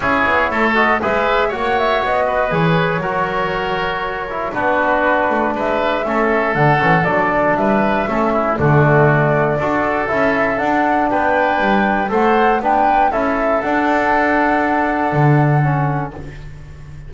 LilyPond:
<<
  \new Staff \with { instrumentName = "flute" } { \time 4/4 \tempo 4 = 119 cis''4. dis''8 e''4 fis''8 e''8 | dis''4 cis''2.~ | cis''4 b'2 e''4~ | e''4 fis''4 d''4 e''4~ |
e''4 d''2. | e''4 fis''4 g''2 | fis''4 g''4 e''4 fis''4~ | fis''1 | }
  \new Staff \with { instrumentName = "oboe" } { \time 4/4 gis'4 a'4 b'4 cis''4~ | cis''8 b'4. ais'2~ | ais'4 fis'2 b'4 | a'2. b'4 |
a'8 e'8 fis'2 a'4~ | a'2 b'2 | c''4 b'4 a'2~ | a'1 | }
  \new Staff \with { instrumentName = "trombone" } { \time 4/4 e'4. fis'8 gis'4 fis'4~ | fis'4 gis'4 fis'2~ | fis'8 e'8 d'2. | cis'4 d'8 cis'8 d'2 |
cis'4 a2 fis'4 | e'4 d'2. | a'4 d'4 e'4 d'4~ | d'2. cis'4 | }
  \new Staff \with { instrumentName = "double bass" } { \time 4/4 cis'8 b8 a4 gis4 ais4 | b4 e4 fis2~ | fis4 b4. a8 gis4 | a4 d8 e8 fis4 g4 |
a4 d2 d'4 | cis'4 d'4 b4 g4 | a4 b4 cis'4 d'4~ | d'2 d2 | }
>>